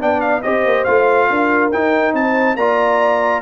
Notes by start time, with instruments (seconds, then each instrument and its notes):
0.00 tuba B3, trombone D4, horn D5, trumpet G5
0.21 trumpet F5
0.42 tuba C4, trombone G4, horn C5, trumpet D#5
0.66 tuba A#3
0.84 tuba A3, trombone F4, trumpet F5
1.30 tuba D4, horn A#4
1.72 trombone D#4, tuba D#4, trumpet G5
2.14 tuba C4, horn C5, trumpet A5
2.55 tuba A#3, trombone F4, horn D5, trumpet A#5